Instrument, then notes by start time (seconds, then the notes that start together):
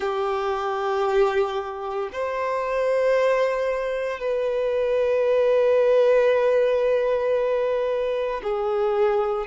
violin
0.00 G4
2.12 C5
4.20 B4
8.43 G#4